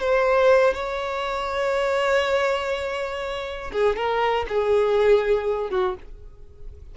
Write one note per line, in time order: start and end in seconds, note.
0.00 0.74 C5
0.74 3.71 C#5
3.72 3.96 G#4
3.96 4.46 A#4
4.49 5.70 G#4
5.70 5.95 F#4